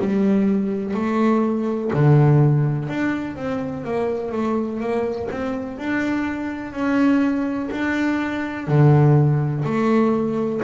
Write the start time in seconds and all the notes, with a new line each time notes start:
0.00 G3
0.95 A3
1.94 D3
2.89 D4
3.36 C4
3.84 A#3
4.32 A3
4.80 A#3
5.31 C4
5.78 D4
6.73 C#4
7.72 D4
8.67 D3
9.65 A3